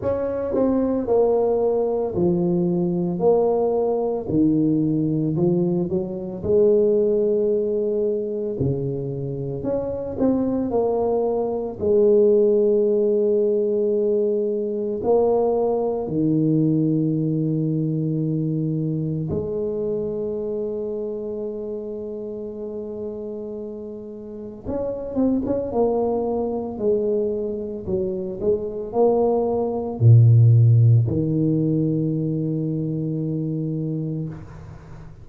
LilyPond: \new Staff \with { instrumentName = "tuba" } { \time 4/4 \tempo 4 = 56 cis'8 c'8 ais4 f4 ais4 | dis4 f8 fis8 gis2 | cis4 cis'8 c'8 ais4 gis4~ | gis2 ais4 dis4~ |
dis2 gis2~ | gis2. cis'8 c'16 cis'16 | ais4 gis4 fis8 gis8 ais4 | ais,4 dis2. | }